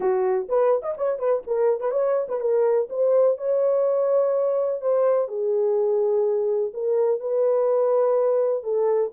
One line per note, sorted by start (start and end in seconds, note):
0.00 0.48 F#4
0.48 0.82 B4
0.82 0.94 D#5
0.97 1.18 C#5
1.18 1.42 B4
1.46 1.80 A#4
1.80 1.91 B4
1.91 2.27 C#5
2.28 2.40 B4
2.40 2.88 A#4
2.89 3.37 C5
3.37 4.81 C#5
4.81 5.28 C5
5.28 6.72 G#4
6.73 7.20 A#4
7.20 8.63 B4
8.63 9.11 A4